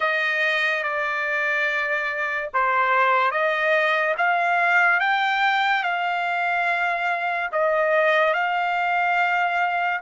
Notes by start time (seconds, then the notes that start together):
0.00 D#5
0.83 D5
2.53 C5
3.31 D#5
4.17 F5
5.00 G5
5.83 F5
7.52 D#5
8.33 F5